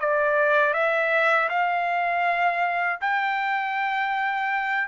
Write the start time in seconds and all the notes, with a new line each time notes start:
0.00 D5
0.74 E5
1.50 F5
3.01 G5